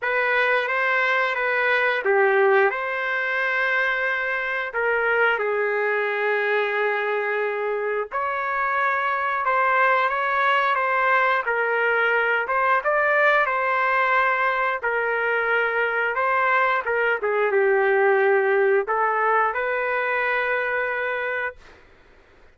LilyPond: \new Staff \with { instrumentName = "trumpet" } { \time 4/4 \tempo 4 = 89 b'4 c''4 b'4 g'4 | c''2. ais'4 | gis'1 | cis''2 c''4 cis''4 |
c''4 ais'4. c''8 d''4 | c''2 ais'2 | c''4 ais'8 gis'8 g'2 | a'4 b'2. | }